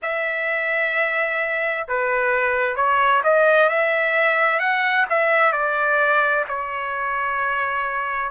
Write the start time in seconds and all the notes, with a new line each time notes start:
0.02 E5
1.88 B4
2.76 C#5
3.23 D#5
3.69 E5
4.59 F#5
5.09 E5
5.52 D5
6.48 C#5